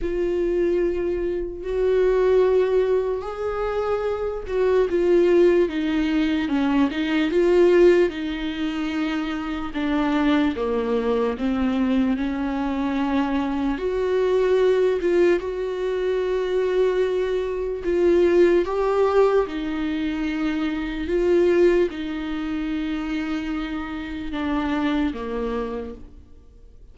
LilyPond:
\new Staff \with { instrumentName = "viola" } { \time 4/4 \tempo 4 = 74 f'2 fis'2 | gis'4. fis'8 f'4 dis'4 | cis'8 dis'8 f'4 dis'2 | d'4 ais4 c'4 cis'4~ |
cis'4 fis'4. f'8 fis'4~ | fis'2 f'4 g'4 | dis'2 f'4 dis'4~ | dis'2 d'4 ais4 | }